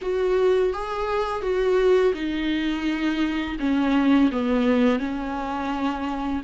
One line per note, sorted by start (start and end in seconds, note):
0.01 0.73 F#4
0.73 1.42 G#4
1.42 2.13 F#4
2.14 3.56 D#4
3.59 4.31 C#4
4.31 4.99 B3
4.99 6.42 C#4